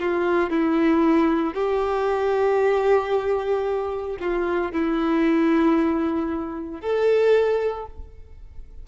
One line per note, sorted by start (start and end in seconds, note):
0.00 0.50 F4
0.50 1.54 E4
1.54 4.17 G4
4.20 4.72 F4
4.72 6.81 E4
6.81 7.86 A4